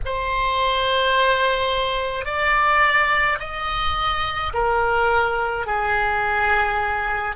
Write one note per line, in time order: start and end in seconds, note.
0.05 2.25 C5
2.25 3.38 D5
3.39 4.52 D#5
4.53 5.66 A#4
5.66 7.35 G#4